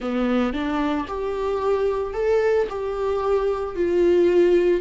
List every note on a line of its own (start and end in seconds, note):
0.00 0.53 B3
0.53 1.06 D4
1.07 2.13 G4
2.13 2.67 A4
2.69 3.75 G4
3.75 4.81 F4